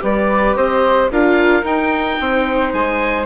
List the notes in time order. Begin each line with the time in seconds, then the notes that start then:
0.00 G3 G4 B4 D5
0.56 C4 C5 D#5
1.11 D4 F4 A#4 F5
1.62 D#4 G5
2.20 C4 C5
2.73 G#3 G#5